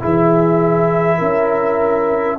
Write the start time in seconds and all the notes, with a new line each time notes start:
0.00 E3 E4 G#4 E5
1.18 C#4 A#4